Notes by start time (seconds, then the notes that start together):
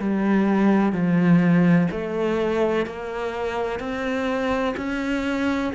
0.00 G3
0.93 F3
1.91 A3
2.86 A#3
3.80 C4
4.77 C#4